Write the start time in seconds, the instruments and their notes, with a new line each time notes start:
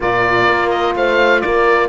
0.00 cello A#2, saxophone F4, horn A#4, oboe D5
0.48 cello A#3
0.69 oboe D#5
0.95 cello A3, horn C5, oboe F5
1.41 cello A#3, horn A#4, oboe D5